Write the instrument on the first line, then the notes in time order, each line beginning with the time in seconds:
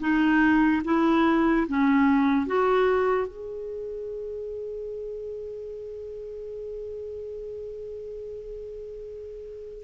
clarinet
0.00 D#4
0.84 E4
1.68 C#4
2.46 F#4
3.27 G#4